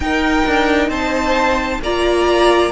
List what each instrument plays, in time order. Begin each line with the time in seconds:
0.00 cello D#4, viola D#4, violin A#4 G5
0.47 cello D4
0.88 cello C4, violin C5 A5
1.81 cello A#3, viola F4, violin D5 A#5